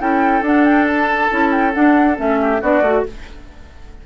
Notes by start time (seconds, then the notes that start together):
0.00 C#4 E4 A4 G5
0.42 D4 F#5
0.65 G5
0.87 A5
1.31 C#4 E4
1.51 G5
1.73 D4 F#5
2.16 A3 C#4 E5
2.41 G4
2.61 B3 D4 F#4 D5
2.82 A3 F#4